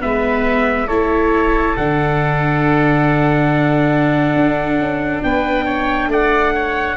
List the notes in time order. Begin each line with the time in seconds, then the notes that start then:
0.00 G#3 B3 B4 E5
0.87 A3 E4 A4 C#5
1.76 D3 D4 F#5
4.35 D4
4.78 C#4
5.23 B3 B4 G5
5.65 C#5
6.07 A3 D5 F#5
6.54 C#5